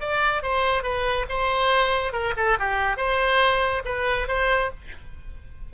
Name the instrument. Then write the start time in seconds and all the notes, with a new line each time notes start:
oboe
0.00 D5
0.42 C5
0.83 B4
1.29 C5
2.12 A#4
2.36 A4
2.59 G4
2.96 C5
3.85 B4
4.28 C5